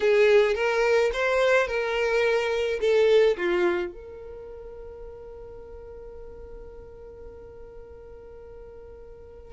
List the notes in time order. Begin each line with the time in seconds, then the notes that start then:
0.00 G#4
0.54 A#4
1.13 C5
1.67 A#4
2.80 A4
3.37 F4
3.93 A#4